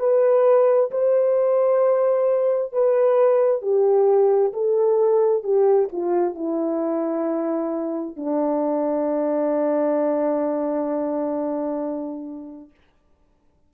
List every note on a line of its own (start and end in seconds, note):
0.00 0.91 B4
0.91 2.73 C5
2.73 3.62 B4
3.62 4.53 G4
4.53 5.44 A4
5.44 5.89 G4
5.93 6.35 F4
6.35 8.16 E4
8.16 12.71 D4